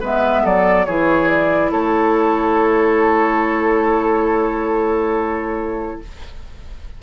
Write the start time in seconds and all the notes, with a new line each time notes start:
0.00 G#3 B3 B4 E5
0.43 F#3 A4 D5
0.85 E3 E4 G#4 C#5
1.28 D5
1.72 A3 A4 C#5